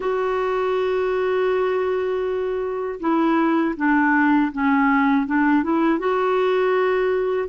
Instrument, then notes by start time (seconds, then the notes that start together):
clarinet
0.00 F#4
3.00 E4
3.76 D4
4.52 C#4
5.26 D4
5.63 E4
5.99 F#4